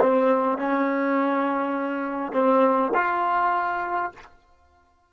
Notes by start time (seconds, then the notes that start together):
0.00 C4
0.58 C#4
2.33 C4
2.94 F4